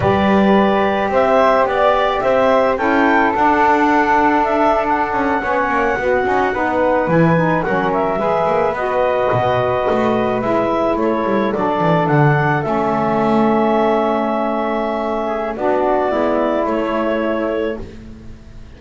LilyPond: <<
  \new Staff \with { instrumentName = "clarinet" } { \time 4/4 \tempo 4 = 108 d''2 e''4 d''4 | e''4 g''4 fis''2 | e''8. fis''2.~ fis''16~ | fis''8. gis''4 fis''8 e''4. dis''16~ |
dis''2~ dis''8. e''4 cis''16~ | cis''8. d''4 fis''4 e''4~ e''16~ | e''1 | d''2 cis''2 | }
  \new Staff \with { instrumentName = "flute" } { \time 4/4 b'2 c''4 d''4 | c''4 a'2.~ | a'4.~ a'16 cis''4 fis'4 b'16~ | b'4.~ b'16 ais'4 b'4~ b'16~ |
b'2.~ b'8. a'16~ | a'1~ | a'2.~ a'8 gis'8 | fis'4 e'2. | }
  \new Staff \with { instrumentName = "saxophone" } { \time 4/4 g'1~ | g'4 e'4 d'2~ | d'4.~ d'16 cis'4 b8 cis'8 dis'16~ | dis'8. e'8 dis'8 cis'4 gis'4 fis'16~ |
fis'2~ fis'8. e'4~ e'16~ | e'8. d'2 cis'4~ cis'16~ | cis'1 | d'4 b4 a2 | }
  \new Staff \with { instrumentName = "double bass" } { \time 4/4 g2 c'4 b4 | c'4 cis'4 d'2~ | d'4~ d'16 cis'8 b8 ais8 b8 dis'8 b16~ | b8. e4 fis4 gis8 ais8 b16~ |
b8. b,4 a4 gis4 a16~ | a16 g8 fis8 e8 d4 a4~ a16~ | a1 | b4 gis4 a2 | }
>>